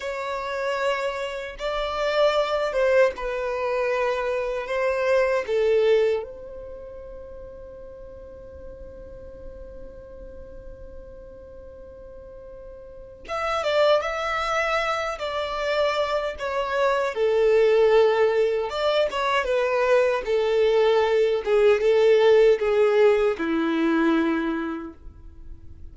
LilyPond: \new Staff \with { instrumentName = "violin" } { \time 4/4 \tempo 4 = 77 cis''2 d''4. c''8 | b'2 c''4 a'4 | c''1~ | c''1~ |
c''4 e''8 d''8 e''4. d''8~ | d''4 cis''4 a'2 | d''8 cis''8 b'4 a'4. gis'8 | a'4 gis'4 e'2 | }